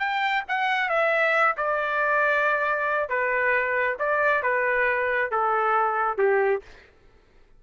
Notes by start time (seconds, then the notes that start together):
0.00 G5
0.49 F#5
0.89 E5
1.57 D5
3.09 B4
3.99 D5
4.43 B4
5.31 A4
6.18 G4